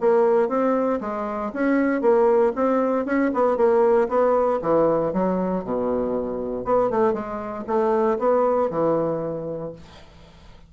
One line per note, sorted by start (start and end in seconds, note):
0.00 0.48 A#3
0.48 1.00 C4
1.00 1.51 G#3
1.53 2.01 C#4
2.01 2.52 A#3
2.55 3.05 C4
3.05 3.31 C#4
3.33 3.57 B3
3.57 4.08 A#3
4.08 4.59 B3
4.62 5.13 E3
5.13 5.64 F#3
5.64 6.64 B2
6.64 6.90 B3
6.90 7.13 A3
7.13 7.64 G#3
7.66 8.18 A3
8.18 8.70 B3
8.70 9.72 E3